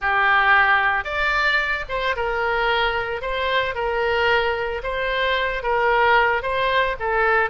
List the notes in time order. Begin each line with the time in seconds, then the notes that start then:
0.01 G4
1.04 D5
1.88 C5
2.16 A#4
3.21 C5
3.74 A#4
4.83 C5
5.62 A#4
6.42 C5
6.99 A4